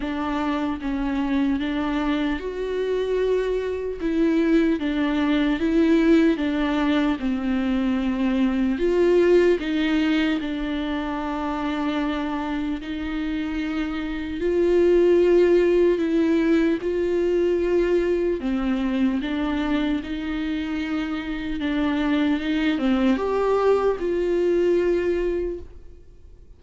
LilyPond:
\new Staff \with { instrumentName = "viola" } { \time 4/4 \tempo 4 = 75 d'4 cis'4 d'4 fis'4~ | fis'4 e'4 d'4 e'4 | d'4 c'2 f'4 | dis'4 d'2. |
dis'2 f'2 | e'4 f'2 c'4 | d'4 dis'2 d'4 | dis'8 c'8 g'4 f'2 | }